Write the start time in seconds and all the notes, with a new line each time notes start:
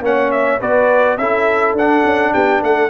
0.00 A#3 C#4 C#5 F#5
0.31 E5
0.60 B3 F#4 B4 D5
1.17 C#4 E4 A4 E5
1.73 D4 F#5
1.79 D4
2.04 C#4
2.33 B3 G4 G5
2.62 A3 A4 F#5